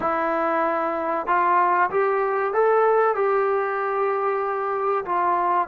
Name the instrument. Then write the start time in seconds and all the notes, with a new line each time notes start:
trombone
0.00 E4
1.27 F4
1.90 G4
2.53 A4
3.15 G4
5.05 F4